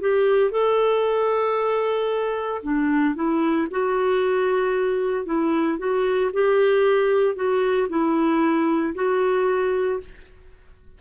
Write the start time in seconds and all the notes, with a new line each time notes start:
0.00 G4
0.51 A4
2.63 D4
3.15 E4
3.70 F#4
5.25 E4
5.78 F#4
6.33 G4
7.35 F#4
7.89 E4
8.94 F#4